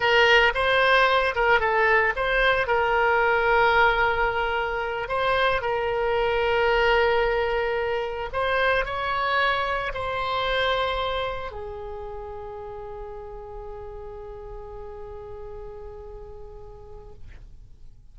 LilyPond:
\new Staff \with { instrumentName = "oboe" } { \time 4/4 \tempo 4 = 112 ais'4 c''4. ais'8 a'4 | c''4 ais'2.~ | ais'4. c''4 ais'4.~ | ais'2.~ ais'8 c''8~ |
c''8 cis''2 c''4.~ | c''4. gis'2~ gis'8~ | gis'1~ | gis'1 | }